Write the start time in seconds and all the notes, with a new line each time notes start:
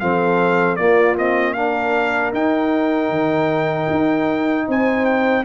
0.00 F3 C4 A4 F5
0.76 A#3 F4 D5
1.17 C4 D#5
1.54 D4 A#4 F5
2.33 D#4 G5
3.10 D#3
3.91 D#4
4.68 C4 C5 G#5
5.06 G5